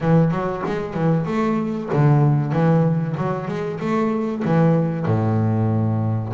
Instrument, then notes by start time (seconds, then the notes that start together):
double bass
0.00 E3
0.31 F#3
0.66 G#3
0.94 E3
1.25 A3
1.92 D3
2.52 E3
3.17 F#3
3.48 G#3
3.80 A3
4.44 E3
5.06 A2